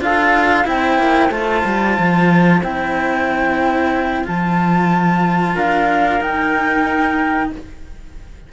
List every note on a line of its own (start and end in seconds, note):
0.00 0.65 D4
0.00 0.64 F4
0.00 0.67 A4
0.00 0.67 F5
0.64 0.98 C4
0.64 1.29 E4
0.64 5.55 C5
0.64 1.31 G5
0.98 1.30 A#3
1.30 1.63 A3
1.30 2.61 F4
1.30 2.61 A5
1.65 1.97 G3
1.98 2.62 F3
2.62 4.25 C4
2.62 4.24 E4
2.62 4.26 G5
4.24 5.56 F3
4.24 6.19 F4
4.24 5.58 A5
5.55 6.20 D4
5.55 7.50 A#4
5.55 6.22 F5
6.20 7.51 D#4
6.20 7.52 G5